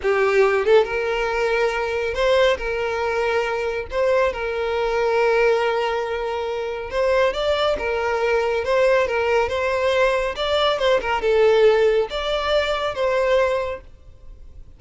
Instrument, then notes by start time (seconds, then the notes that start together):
violin
0.02 G4
0.65 A4
0.84 A#4
2.14 C5
2.57 A#4
3.90 C5
4.33 A#4
6.90 C5
7.33 D5
7.78 A#4
8.64 C5
9.07 A#4
9.48 C5
10.35 D5
10.78 C5
11.01 A#4
11.21 A4
12.10 D5
12.94 C5